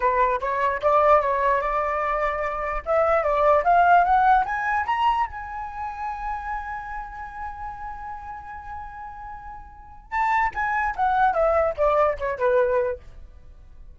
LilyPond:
\new Staff \with { instrumentName = "flute" } { \time 4/4 \tempo 4 = 148 b'4 cis''4 d''4 cis''4 | d''2. e''4 | d''4 f''4 fis''4 gis''4 | ais''4 gis''2.~ |
gis''1~ | gis''1~ | gis''4 a''4 gis''4 fis''4 | e''4 d''4 cis''8 b'4. | }